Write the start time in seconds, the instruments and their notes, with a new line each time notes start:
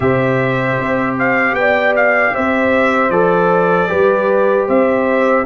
0.00 tuba C3, trombone G4, horn C5, trumpet E5
0.79 tuba C4
1.19 trumpet F5
1.53 tuba B3, trumpet G5
1.59 horn D5
1.96 trumpet F5
2.34 tuba C4, horn C5, trumpet E5
3.09 tuba F3, trombone A4, trumpet D5
3.87 tuba G3, trombone G4, horn B4
4.67 tuba C4, horn C5, trumpet E5